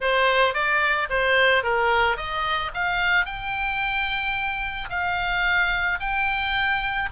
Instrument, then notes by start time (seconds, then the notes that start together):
oboe
0.00 C5
0.53 D5
1.09 C5
1.63 A#4
2.16 D#5
2.73 F5
3.25 G5
4.89 F5
6.00 G5